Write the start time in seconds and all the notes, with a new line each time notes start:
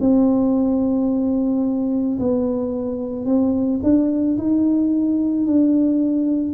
0.00 C4
2.19 B3
3.25 C4
3.83 D4
4.37 D#4
5.46 D4